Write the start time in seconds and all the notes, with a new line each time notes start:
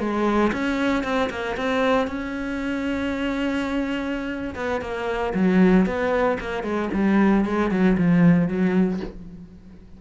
0.00 G#3
0.53 C#4
1.04 C4
1.30 A#3
1.57 C4
2.08 C#4
4.56 B3
4.82 A#3
5.35 F#3
5.86 B3
6.40 A#3
6.64 G#3
6.94 G3
7.46 G#3
7.71 F#3
7.98 F3
8.48 F#3